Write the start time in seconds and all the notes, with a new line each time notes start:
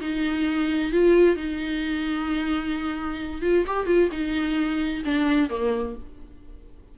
0.00 D#4
0.92 F4
1.36 D#4
3.42 F4
3.67 G4
3.86 F4
4.11 D#4
5.04 D4
5.49 A#3